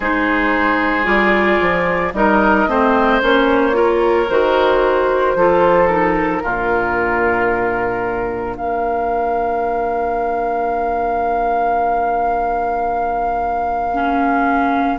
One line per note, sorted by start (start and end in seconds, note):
0.00 1.05 G#3
0.00 1.03 D#4
0.00 2.12 G#4
0.00 1.05 C5
1.03 1.59 G3
1.03 2.10 F4
1.03 2.12 D5
1.60 2.13 F3
2.13 2.67 G3
2.13 2.67 D#4
2.13 2.69 A#4
2.13 3.21 D#5
2.67 3.21 A3
2.67 3.21 C4
2.67 3.76 C5
3.21 4.29 A#3
3.21 3.72 C#4
3.21 4.30 C#5
3.72 4.26 F4
3.72 5.37 A#4
4.29 5.35 D#3
4.29 5.37 F#4
4.29 5.88 C5
5.35 6.42 F3
5.35 5.88 F4
5.35 6.42 A4
5.88 6.42 D#4
5.88 8.56 A#4
6.42 8.56 A#2
6.42 13.92 D4
6.42 8.57 F4
8.56 14.98 A#3
8.56 14.98 A#4
8.56 14.98 F5
13.92 14.98 C#4